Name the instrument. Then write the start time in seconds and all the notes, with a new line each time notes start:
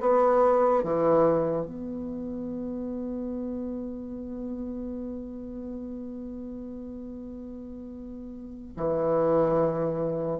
bassoon
0.00 B3
0.83 E3
1.65 B3
8.77 E3